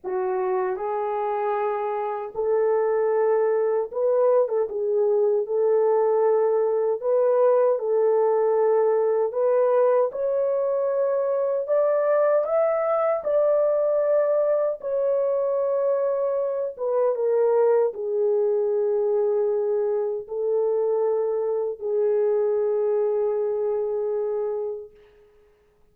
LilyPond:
\new Staff \with { instrumentName = "horn" } { \time 4/4 \tempo 4 = 77 fis'4 gis'2 a'4~ | a'4 b'8. a'16 gis'4 a'4~ | a'4 b'4 a'2 | b'4 cis''2 d''4 |
e''4 d''2 cis''4~ | cis''4. b'8 ais'4 gis'4~ | gis'2 a'2 | gis'1 | }